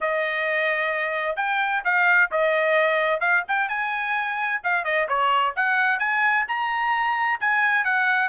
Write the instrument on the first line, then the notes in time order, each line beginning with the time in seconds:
trumpet
0.00 D#5
1.36 G5
1.84 F5
2.31 D#5
3.20 F5
3.47 G5
3.69 G#5
4.63 F5
4.84 D#5
5.08 C#5
5.56 F#5
5.99 G#5
6.47 A#5
7.40 G#5
7.84 F#5